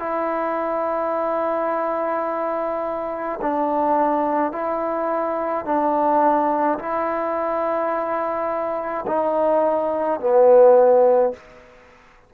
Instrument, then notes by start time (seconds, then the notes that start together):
trombone
0.00 E4
3.42 D4
4.52 E4
5.65 D4
6.79 E4
9.07 D#4
10.20 B3